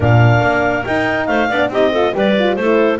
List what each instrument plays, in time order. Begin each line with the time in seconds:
0.00 double bass A#2, horn D4, clarinet A#4 F5
0.41 double bass A#3
0.85 horn D#4, double bass D#4, clarinet G5
1.26 double bass A3, clarinet C5 F5
1.49 double bass B3, horn D4, clarinet D5
1.69 double bass C4, horn D#4, clarinet G4 D#5
1.91 horn F4, clarinet A4
2.13 double bass G3, horn G4, clarinet B4 D5
2.39 horn F4
2.55 double bass A3, horn E4, clarinet A4 C5